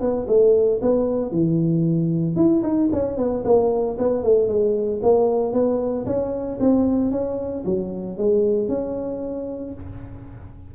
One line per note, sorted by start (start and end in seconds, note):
0.00 0.26 B3
0.28 0.80 A3
0.81 1.31 B3
1.31 2.36 E3
2.36 2.62 E4
2.63 2.89 D#4
2.92 3.17 C#4
3.17 3.43 B3
3.44 3.97 A#3
3.98 4.23 B3
4.23 4.48 A3
4.48 5.00 G#3
5.02 5.53 A#3
5.53 6.05 B3
6.06 6.59 C#4
6.60 7.11 C4
7.11 7.64 C#4
7.65 8.17 F#3
8.17 8.68 G#3
8.68 9.73 C#4